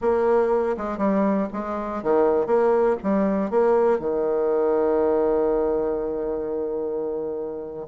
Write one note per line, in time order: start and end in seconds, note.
0.01 0.76 A#3
0.77 0.97 G#3
0.97 1.47 G3
1.52 2.02 G#3
2.02 2.46 D#3
2.46 2.96 A#3
3.02 3.50 G3
3.50 3.99 A#3
3.99 7.86 D#3